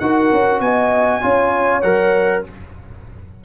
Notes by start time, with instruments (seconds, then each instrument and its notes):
0.00 tuba D#4, trombone F#4, horn A#4, trumpet F#5
0.32 tuba C#4
0.60 tuba B3, horn D#5, trumpet G#5
1.22 tuba C#4, trombone F4, horn C#5
1.82 tuba F#3, trombone A#4, trumpet F#5